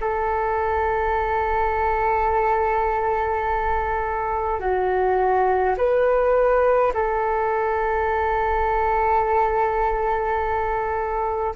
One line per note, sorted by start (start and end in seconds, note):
0.00 4.59 A4
4.59 5.75 F#4
5.77 6.92 B4
6.93 11.55 A4